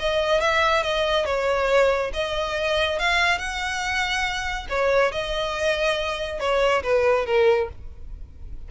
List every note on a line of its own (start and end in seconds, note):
0.00 0.41 D#5
0.41 0.84 E5
0.84 1.26 D#5
1.26 2.12 C#5
2.14 3.00 D#5
3.00 3.39 F5
3.39 4.67 F#5
4.70 5.12 C#5
5.12 6.40 D#5
6.40 6.83 C#5
6.83 7.26 B4
7.26 7.69 A#4